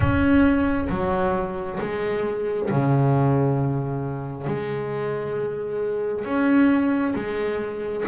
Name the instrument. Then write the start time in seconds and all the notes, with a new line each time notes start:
double bass
0.00 C#4
0.89 F#3
1.80 G#3
2.69 C#3
4.47 G#3
6.24 C#4
7.15 G#3